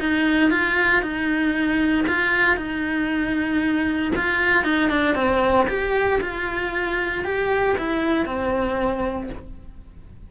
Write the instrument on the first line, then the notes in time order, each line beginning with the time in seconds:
cello
0.00 D#4
0.51 F4
1.02 D#4
2.08 F4
2.57 D#4
4.16 F4
4.64 D#4
4.90 D4
5.15 C4
5.68 G4
6.21 F4
7.25 G4
7.78 E4
8.26 C4